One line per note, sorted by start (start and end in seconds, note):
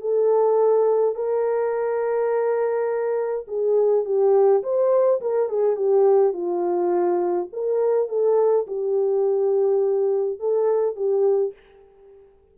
0.00 1.15 A4
1.15 3.45 A#4
3.47 4.05 G#4
4.05 4.63 G4
4.63 5.21 C5
5.21 5.49 A#4
5.49 5.76 G#4
5.76 6.33 G4
6.33 7.48 F4
7.52 8.08 A#4
8.08 8.66 A4
8.67 10.39 G4
10.39 10.96 A4
10.96 11.53 G4